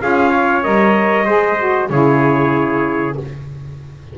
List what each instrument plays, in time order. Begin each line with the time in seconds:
0.00 double bass C#4, saxophone F4, trumpet G#4 F5
0.31 trumpet C#5
0.63 double bass G3, saxophone A#4, trumpet D#5
1.26 double bass G#3, saxophone G#4, trumpet C5
1.58 saxophone F#4
1.90 double bass C#3, saxophone E4, trumpet G#4 C#5